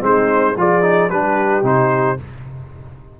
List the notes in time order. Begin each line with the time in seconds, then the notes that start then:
0.00 G#3 C4 D#4 C5
0.56 F3 F4 G#4 D5
0.82 D#4
1.09 G3 D4 G4 B4
1.62 C3 D#4 C5